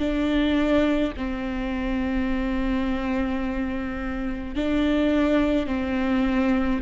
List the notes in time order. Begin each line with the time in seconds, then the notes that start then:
0.00 D4
1.17 C4
4.56 D4
5.67 C4